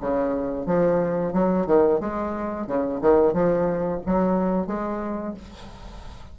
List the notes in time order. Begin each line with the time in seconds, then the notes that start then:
0.00 C#3
0.66 F3
1.33 F#3
1.66 D#3
2.00 G#3
2.67 C#3
3.01 D#3
3.33 F3
4.06 F#3
4.66 G#3